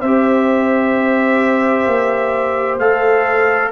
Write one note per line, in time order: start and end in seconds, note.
0.00 1.86 C4
0.00 2.80 G4
0.00 3.69 C5
0.00 2.77 E5
1.86 2.78 A#3
2.78 3.71 A3
2.78 3.72 A4
2.78 3.71 F5